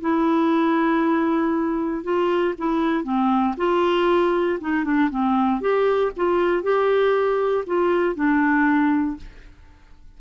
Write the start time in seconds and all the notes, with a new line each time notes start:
0.00 E4
2.03 F4
2.58 E4
3.04 C4
3.57 F4
4.60 D#4
4.84 D4
5.10 C4
5.61 G4
6.16 F4
6.63 G4
7.66 F4
8.15 D4